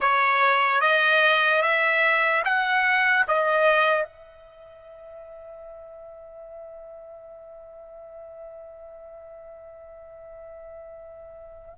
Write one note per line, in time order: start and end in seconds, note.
0.00 0.80 C#5
0.80 1.61 D#5
1.61 2.43 E5
2.44 3.25 F#5
3.27 4.03 D#5
4.03 11.73 E5